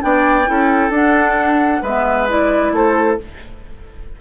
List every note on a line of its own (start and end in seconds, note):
0.00 0.49 B3
0.00 0.45 D4
0.00 0.50 D5
0.00 0.93 G5
0.46 0.90 C#4
0.46 0.91 E4
0.46 1.82 A4
0.90 1.80 D4
0.90 1.84 D4
0.90 1.85 F#5
1.82 2.72 G#3
1.82 2.29 B3
1.82 2.72 B4
1.82 2.30 E5
2.29 3.19 E4
2.29 2.76 D5
2.72 3.17 A3
2.72 3.20 A4
2.72 3.21 C5